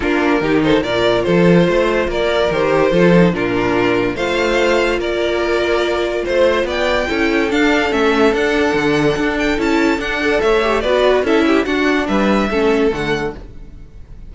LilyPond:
<<
  \new Staff \with { instrumentName = "violin" } { \time 4/4 \tempo 4 = 144 ais'4. c''8 d''4 c''4~ | c''4 d''4 c''2 | ais'2 f''2 | d''2. c''4 |
g''2 f''4 e''4 | fis''2~ fis''8 g''8 a''4 | fis''4 e''4 d''4 e''4 | fis''4 e''2 fis''4 | }
  \new Staff \with { instrumentName = "violin" } { \time 4/4 f'4 g'8 a'8 ais'4 a'4 | c''4 ais'2 a'4 | f'2 c''2 | ais'2. c''4 |
d''4 a'2.~ | a'1~ | a'8 d''8 cis''4 b'4 a'8 g'8 | fis'4 b'4 a'2 | }
  \new Staff \with { instrumentName = "viola" } { \time 4/4 d'4 dis'4 f'2~ | f'2 g'4 f'8 dis'8 | d'2 f'2~ | f'1~ |
f'4 e'4 d'4 cis'4 | d'2. e'4 | d'8 a'4 g'8 fis'4 e'4 | d'2 cis'4 a4 | }
  \new Staff \with { instrumentName = "cello" } { \time 4/4 ais4 dis4 ais,4 f4 | a4 ais4 dis4 f4 | ais,2 a2 | ais2. a4 |
b4 cis'4 d'4 a4 | d'4 d4 d'4 cis'4 | d'4 a4 b4 cis'4 | d'4 g4 a4 d4 | }
>>